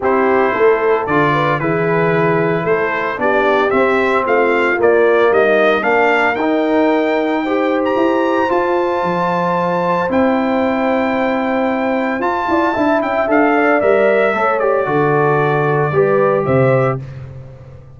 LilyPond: <<
  \new Staff \with { instrumentName = "trumpet" } { \time 4/4 \tempo 4 = 113 c''2 d''4 b'4~ | b'4 c''4 d''4 e''4 | f''4 d''4 dis''4 f''4 | g''2~ g''8. ais''4~ ais''16 |
a''2. g''4~ | g''2. a''4~ | a''8 g''8 f''4 e''4. d''8~ | d''2. e''4 | }
  \new Staff \with { instrumentName = "horn" } { \time 4/4 g'4 a'4. b'8 gis'4~ | gis'4 a'4 g'2 | f'2 dis'4 ais'4~ | ais'2 c''2~ |
c''1~ | c''2.~ c''8 d''8 | e''4. d''4. cis''4 | a'2 b'4 c''4 | }
  \new Staff \with { instrumentName = "trombone" } { \time 4/4 e'2 f'4 e'4~ | e'2 d'4 c'4~ | c'4 ais2 d'4 | dis'2 g'2 |
f'2. e'4~ | e'2. f'4 | e'4 a'4 ais'4 a'8 g'8 | fis'2 g'2 | }
  \new Staff \with { instrumentName = "tuba" } { \time 4/4 c'4 a4 d4 e4~ | e4 a4 b4 c'4 | a4 ais4 g4 ais4 | dis'2. e'4 |
f'4 f2 c'4~ | c'2. f'8 e'8 | d'8 cis'8 d'4 g4 a4 | d2 g4 c4 | }
>>